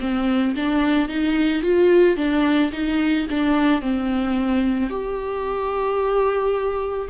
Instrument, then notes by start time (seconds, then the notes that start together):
viola
0.00 C4
0.56 D4
1.09 D#4
1.62 F4
2.16 D4
2.72 D#4
3.30 D4
3.81 C4
4.89 G4